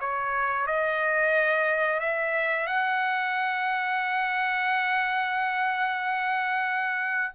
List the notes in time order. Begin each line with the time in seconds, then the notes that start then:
0.00 C#5
0.66 D#5
1.99 E5
2.66 F#5